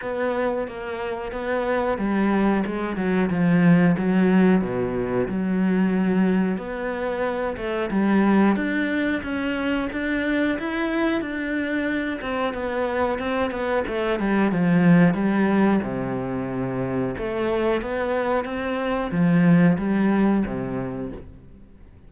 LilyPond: \new Staff \with { instrumentName = "cello" } { \time 4/4 \tempo 4 = 91 b4 ais4 b4 g4 | gis8 fis8 f4 fis4 b,4 | fis2 b4. a8 | g4 d'4 cis'4 d'4 |
e'4 d'4. c'8 b4 | c'8 b8 a8 g8 f4 g4 | c2 a4 b4 | c'4 f4 g4 c4 | }